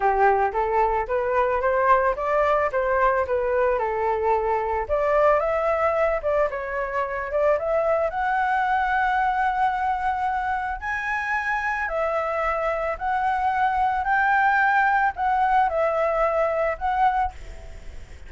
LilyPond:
\new Staff \with { instrumentName = "flute" } { \time 4/4 \tempo 4 = 111 g'4 a'4 b'4 c''4 | d''4 c''4 b'4 a'4~ | a'4 d''4 e''4. d''8 | cis''4. d''8 e''4 fis''4~ |
fis''1 | gis''2 e''2 | fis''2 g''2 | fis''4 e''2 fis''4 | }